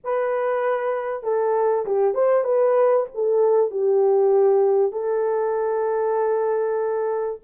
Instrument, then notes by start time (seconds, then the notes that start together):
horn
0.04 B4
1.23 A4
1.85 G4
2.14 C5
2.43 B4
3.14 A4
3.70 G4
4.92 A4